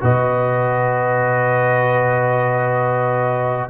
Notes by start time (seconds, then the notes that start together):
0.00 B2 F#4 B4 D#5